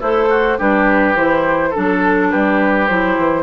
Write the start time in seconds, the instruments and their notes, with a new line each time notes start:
0.00 bassoon A3, oboe E4, clarinet A4, flute C5
0.30 oboe F#4
0.58 bassoon G3, clarinet D4, oboe G4, flute B4
1.15 bassoon E3, clarinet E4, flute C5
1.70 clarinet D4, oboe A4, flute A4
1.77 bassoon F#3
2.31 bassoon G3, oboe G4, flute B4
2.88 bassoon F#3, clarinet E4, flute C5
3.17 bassoon E3